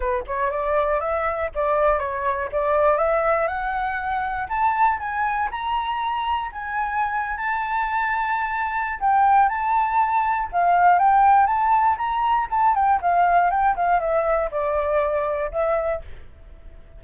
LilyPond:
\new Staff \with { instrumentName = "flute" } { \time 4/4 \tempo 4 = 120 b'8 cis''8 d''4 e''4 d''4 | cis''4 d''4 e''4 fis''4~ | fis''4 a''4 gis''4 ais''4~ | ais''4 gis''4.~ gis''16 a''4~ a''16~ |
a''2 g''4 a''4~ | a''4 f''4 g''4 a''4 | ais''4 a''8 g''8 f''4 g''8 f''8 | e''4 d''2 e''4 | }